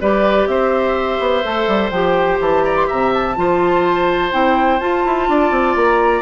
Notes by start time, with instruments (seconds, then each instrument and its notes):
0.00 bassoon G3, clarinet G4, oboe B4, flute D5
0.47 bassoon C4, oboe C5, flute E5
1.19 bassoon B3
1.43 bassoon A3, clarinet A4
1.67 bassoon G3
1.90 bassoon F3, clarinet G4, flute G5
2.39 bassoon E3, flute A5
2.64 oboe D5, flute A#5
2.75 flute C6
2.87 bassoon C3, oboe E5, flute A#5
3.13 flute A5
3.36 bassoon F3, clarinet F4, oboe C5
4.31 bassoon C4, clarinet E4, flute G5
4.79 bassoon F4, clarinet F4, flute A5
5.04 bassoon E4
5.28 bassoon D4, oboe D5
5.50 bassoon C4
5.75 bassoon A#3, flute A#5